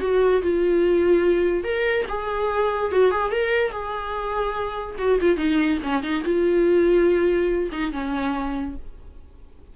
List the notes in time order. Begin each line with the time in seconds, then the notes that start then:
0.00 F#4
0.42 F4
1.64 A#4
2.08 G#4
2.91 F#4
3.11 G#4
3.31 A#4
3.71 G#4
4.98 F#4
5.21 F4
5.37 D#4
5.83 C#4
6.03 D#4
6.24 F4
7.72 D#4
7.92 C#4